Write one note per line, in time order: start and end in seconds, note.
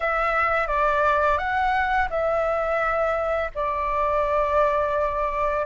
0.00 0.67 E5
0.67 1.38 D5
1.38 2.08 F#5
2.10 3.51 E5
3.55 5.66 D5